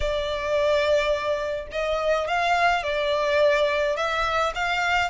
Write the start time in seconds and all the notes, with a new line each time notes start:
0.00 D5
1.71 D#5
2.27 F5
2.83 D5
3.96 E5
4.54 F5